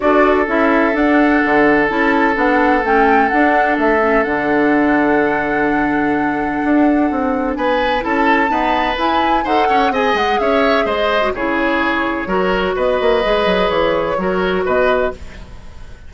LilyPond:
<<
  \new Staff \with { instrumentName = "flute" } { \time 4/4 \tempo 4 = 127 d''4 e''4 fis''2 | a''4 fis''4 g''4 fis''4 | e''4 fis''2.~ | fis''1 |
gis''4 a''2 gis''4 | fis''4 gis''8 fis''8 e''4 dis''4 | cis''2. dis''4~ | dis''4 cis''2 dis''4 | }
  \new Staff \with { instrumentName = "oboe" } { \time 4/4 a'1~ | a'1~ | a'1~ | a'1 |
b'4 a'4 b'2 | c''8 cis''8 dis''4 cis''4 c''4 | gis'2 ais'4 b'4~ | b'2 ais'4 b'4 | }
  \new Staff \with { instrumentName = "clarinet" } { \time 4/4 fis'4 e'4 d'2 | e'4 d'4 cis'4 d'4~ | d'8 cis'8 d'2.~ | d'1~ |
d'4 e'4 b4 e'4 | a'4 gis'2~ gis'8. fis'16 | e'2 fis'2 | gis'2 fis'2 | }
  \new Staff \with { instrumentName = "bassoon" } { \time 4/4 d'4 cis'4 d'4 d4 | cis'4 b4 a4 d'4 | a4 d2.~ | d2 d'4 c'4 |
b4 cis'4 dis'4 e'4 | dis'8 cis'8 c'8 gis8 cis'4 gis4 | cis2 fis4 b8 ais8 | gis8 fis8 e4 fis4 b,4 | }
>>